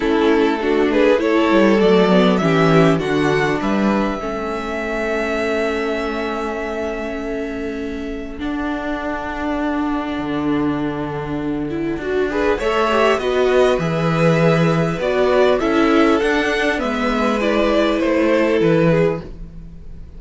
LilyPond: <<
  \new Staff \with { instrumentName = "violin" } { \time 4/4 \tempo 4 = 100 a'4. b'8 cis''4 d''4 | e''4 fis''4 e''2~ | e''1~ | e''2 fis''2~ |
fis''1~ | fis''4 e''4 dis''4 e''4~ | e''4 d''4 e''4 fis''4 | e''4 d''4 c''4 b'4 | }
  \new Staff \with { instrumentName = "violin" } { \time 4/4 e'4 fis'8 gis'8 a'2 | g'4 fis'4 b'4 a'4~ | a'1~ | a'1~ |
a'1~ | a'8 b'8 cis''4 b'2~ | b'2 a'2 | b'2~ b'8 a'4 gis'8 | }
  \new Staff \with { instrumentName = "viola" } { \time 4/4 cis'4 d'4 e'4 a8 b8 | cis'4 d'2 cis'4~ | cis'1~ | cis'2 d'2~ |
d'2.~ d'8 e'8 | fis'8 gis'8 a'8 g'8 fis'4 gis'4~ | gis'4 fis'4 e'4 d'4 | b4 e'2. | }
  \new Staff \with { instrumentName = "cello" } { \time 4/4 a2~ a8 g8 fis4 | e4 d4 g4 a4~ | a1~ | a2 d'2~ |
d'4 d2. | d'4 a4 b4 e4~ | e4 b4 cis'4 d'4 | gis2 a4 e4 | }
>>